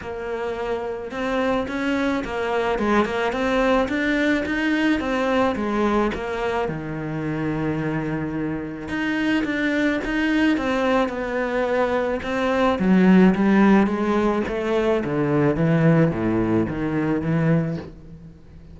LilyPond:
\new Staff \with { instrumentName = "cello" } { \time 4/4 \tempo 4 = 108 ais2 c'4 cis'4 | ais4 gis8 ais8 c'4 d'4 | dis'4 c'4 gis4 ais4 | dis1 |
dis'4 d'4 dis'4 c'4 | b2 c'4 fis4 | g4 gis4 a4 d4 | e4 a,4 dis4 e4 | }